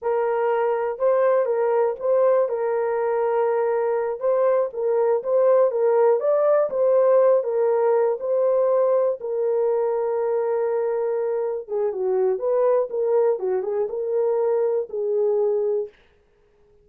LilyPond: \new Staff \with { instrumentName = "horn" } { \time 4/4 \tempo 4 = 121 ais'2 c''4 ais'4 | c''4 ais'2.~ | ais'8 c''4 ais'4 c''4 ais'8~ | ais'8 d''4 c''4. ais'4~ |
ais'8 c''2 ais'4.~ | ais'2.~ ais'8 gis'8 | fis'4 b'4 ais'4 fis'8 gis'8 | ais'2 gis'2 | }